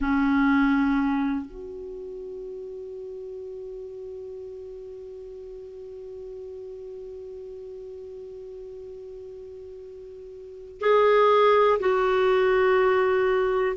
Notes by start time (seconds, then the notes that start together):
0.00 C#4
1.45 F#4
10.80 G#4
11.79 F#4